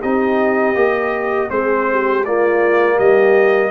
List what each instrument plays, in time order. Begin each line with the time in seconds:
0.00 tuba C4, trombone D#4, horn G4, trumpet D#5
0.75 tuba A#3, trombone G4
1.50 tuba G#3, trombone C4, horn G#4, trumpet C5
1.90 horn G4
2.25 trombone A#3, horn F4, trumpet D5
2.95 tuba G3, horn G4, trumpet D#5